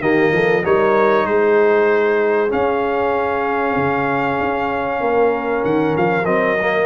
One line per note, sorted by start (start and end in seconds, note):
0.00 0.31 D#3
0.00 0.63 A#3
0.00 0.33 G4
0.00 0.64 D#5
0.32 0.64 F3
0.32 0.64 A4
0.64 1.25 G3
0.64 2.49 D#4
0.64 1.27 A#4
0.64 1.26 C#5
1.25 2.50 G#3
1.25 5.01 G#4
1.25 2.51 C5
2.49 6.24 C#4
2.49 3.76 C#4
2.49 5.64 F5
3.76 4.39 C#3
4.40 5.00 C#4
5.00 5.63 A#3
5.00 6.86 A#4
5.64 5.96 D#3
5.64 5.96 F#5
5.96 6.26 F3
5.96 6.25 F5
6.25 6.86 F#3
6.25 6.57 C4
6.25 6.86 D#5
6.61 6.86 A#3